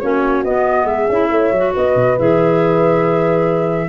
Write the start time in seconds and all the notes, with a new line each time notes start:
0.00 A#3 C#4 F#4 C#5
0.44 B3 D#5
0.84 G#3 G#4 E5
1.09 C#4 E4
1.31 A3 C#5
1.52 F#3 F#4
1.74 B3 B4 D#5
1.95 B2
2.18 E3 G#4 E5